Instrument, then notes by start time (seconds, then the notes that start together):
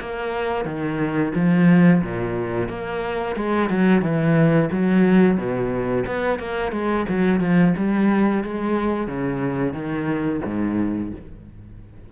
cello
0.00 A#3
0.65 D#3
1.35 F3
2.03 A#2
2.69 A#3
3.36 G#3
3.70 F#3
4.02 E3
4.72 F#3
5.37 B2
6.06 B3
6.39 A#3
6.72 G#3
7.09 F#3
7.40 F3
7.77 G3
8.44 G#3
9.08 C#3
9.74 D#3
10.45 G#2